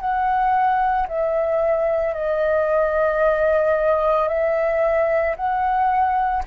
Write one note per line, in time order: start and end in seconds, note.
0.00 1.07 F#5
1.08 2.14 E5
2.14 4.28 D#5
4.28 5.35 E5
5.36 6.43 F#5